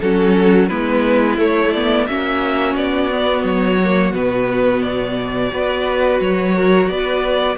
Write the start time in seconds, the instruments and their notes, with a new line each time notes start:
0.00 cello F#3, viola C#4, violin F#4 A4
0.68 cello G#3, viola B3, violin E4 B4
1.38 viola A3, cello A3, violin C#5
1.72 viola B3, violin D5
2.07 cello A#3, viola C#4, violin F#4 E5
2.75 cello B3, violin D5
3.11 viola B3
3.44 cello F#3, violin C#5
3.84 viola A#3
4.14 cello B2, viola B3, violin B4
4.82 violin D5
5.50 cello B3, viola F#4, violin B4
6.20 cello F#3, violin C#5
6.55 violin A#4
6.89 cello B3, violin B4 D5